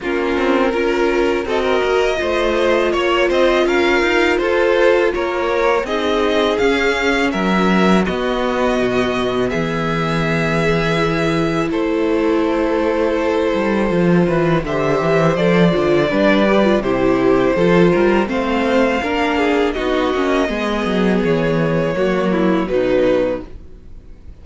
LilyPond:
<<
  \new Staff \with { instrumentName = "violin" } { \time 4/4 \tempo 4 = 82 ais'2 dis''2 | cis''8 dis''8 f''4 c''4 cis''4 | dis''4 f''4 e''4 dis''4~ | dis''4 e''2. |
c''1 | e''4 d''2 c''4~ | c''4 f''2 dis''4~ | dis''4 cis''2 b'4 | }
  \new Staff \with { instrumentName = "violin" } { \time 4/4 f'4 ais'4 a'16 ais'8. c''4 | cis''8 c''8 ais'4 a'4 ais'4 | gis'2 ais'4 fis'4~ | fis'4 gis'2. |
a'2.~ a'8 b'8 | c''2 b'4 g'4 | a'8 ais'8 c''4 ais'8 gis'8 fis'4 | gis'2 fis'8 e'8 dis'4 | }
  \new Staff \with { instrumentName = "viola" } { \time 4/4 cis'4 f'4 fis'4 f'4~ | f'1 | dis'4 cis'2 b4~ | b2. e'4~ |
e'2. f'4 | g'4 a'8 f'8 d'8 g'16 f'16 e'4 | f'4 c'4 d'4 dis'8 cis'8 | b2 ais4 fis4 | }
  \new Staff \with { instrumentName = "cello" } { \time 4/4 ais8 c'8 cis'4 c'8 ais8 a4 | ais8 c'8 cis'8 dis'8 f'4 ais4 | c'4 cis'4 fis4 b4 | b,4 e2. |
a2~ a8 g8 f8 e8 | d8 e8 f8 d8 g4 c4 | f8 g8 a4 ais4 b8 ais8 | gis8 fis8 e4 fis4 b,4 | }
>>